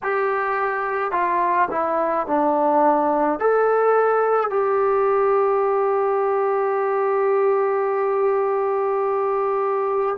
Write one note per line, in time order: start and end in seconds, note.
0.03 1.11 G4
1.11 1.68 F4
1.70 2.26 E4
2.26 3.40 D4
3.40 4.50 A4
4.50 10.16 G4